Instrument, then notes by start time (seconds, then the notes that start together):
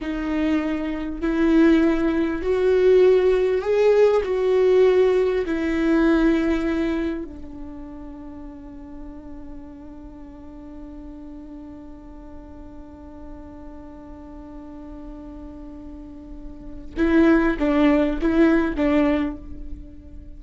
viola
0.01 D#4
1.21 E4
2.42 F#4
3.61 G#4
4.24 F#4
5.45 E4
7.24 D4
16.96 E4
17.58 D4
18.21 E4
18.75 D4